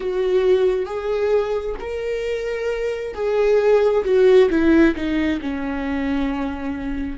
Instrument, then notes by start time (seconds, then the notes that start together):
viola
0.00 F#4
0.85 G#4
1.80 A#4
3.14 G#4
4.04 F#4
4.50 E4
4.95 D#4
5.41 C#4